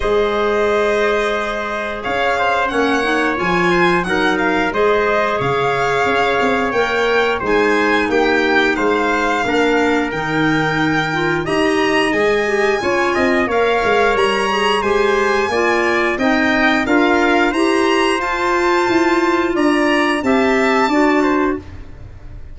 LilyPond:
<<
  \new Staff \with { instrumentName = "violin" } { \time 4/4 \tempo 4 = 89 dis''2. f''4 | fis''4 gis''4 fis''8 f''8 dis''4 | f''2 g''4 gis''4 | g''4 f''2 g''4~ |
g''4 ais''4 gis''2 | f''4 ais''4 gis''2 | g''4 f''4 ais''4 a''4~ | a''4 ais''4 a''2 | }
  \new Staff \with { instrumentName = "trumpet" } { \time 4/4 c''2. cis''8 c''8 | cis''4. c''8 ais'4 c''4 | cis''2. c''4 | g'4 c''4 ais'2~ |
ais'4 dis''2 cis''8 dis''8 | cis''2 c''4 d''4 | dis''4 ais'4 c''2~ | c''4 d''4 e''4 d''8 c''8 | }
  \new Staff \with { instrumentName = "clarinet" } { \time 4/4 gis'1 | cis'8 dis'8 f'4 dis'4 gis'4~ | gis'2 ais'4 dis'4~ | dis'2 d'4 dis'4~ |
dis'8 f'8 g'4 gis'8 g'8 f'4 | ais'4. gis'8 g'4 f'4 | dis'4 f'4 g'4 f'4~ | f'2 g'4 fis'4 | }
  \new Staff \with { instrumentName = "tuba" } { \time 4/4 gis2. cis'4 | ais4 f4 fis4 gis4 | cis4 cis'8 c'8 ais4 gis4 | ais4 gis4 ais4 dis4~ |
dis4 dis'4 gis4 cis'8 c'8 | ais8 gis8 g4 gis4 ais4 | c'4 d'4 e'4 f'4 | e'4 d'4 c'4 d'4 | }
>>